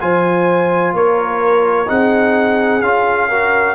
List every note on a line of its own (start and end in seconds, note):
0.00 0.93 F3
0.00 1.86 F4
0.00 0.95 C5
0.00 0.94 G#5
0.93 1.87 A#3
0.93 1.88 A#4
0.93 1.89 C#5
1.86 2.81 C4
1.86 2.80 D#4
1.86 3.28 G#4
1.86 2.81 F#5
2.81 3.75 C#4
2.81 3.30 F4
2.81 3.75 F5
3.28 3.75 F#4
3.28 3.75 A#4